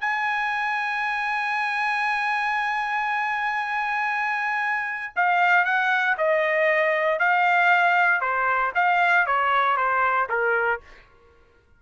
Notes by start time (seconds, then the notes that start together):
0.00 G#5
5.15 F5
5.64 F#5
6.17 D#5
7.19 F5
8.20 C5
8.75 F5
9.26 C#5
9.76 C5
10.29 A#4